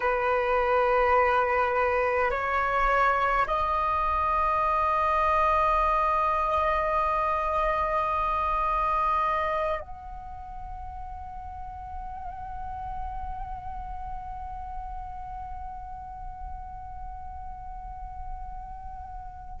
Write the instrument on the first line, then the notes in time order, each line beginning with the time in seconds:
flute
0.00 B4
2.30 C#5
3.46 D#5
9.80 F#5